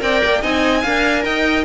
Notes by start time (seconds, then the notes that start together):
0.00 C4 A#4 D5 G5
0.25 A#3
0.42 C4 D#4 D#5 G#5
0.82 D4 A#4 F5
1.25 D#4 D#5 G5